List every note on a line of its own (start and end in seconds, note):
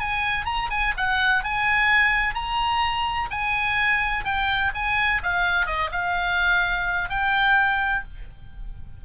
0.00 0.45 G#5
0.45 0.69 A#5
0.70 0.94 G#5
0.97 1.44 F#5
1.44 2.34 G#5
2.34 3.29 A#5
3.31 4.25 G#5
4.25 4.72 G5
4.74 5.22 G#5
5.23 5.66 F5
5.66 5.90 D#5
5.92 7.10 F5
7.10 8.04 G5